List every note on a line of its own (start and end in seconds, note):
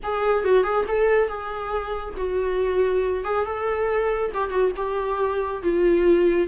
0.03 0.44 G#4
0.44 0.63 F#4
0.63 0.85 G#4
0.88 1.28 A4
1.28 2.14 G#4
2.16 3.24 F#4
3.24 3.45 G#4
3.45 4.31 A4
4.34 4.50 G4
4.50 4.71 F#4
4.76 5.62 G4
5.62 6.47 F4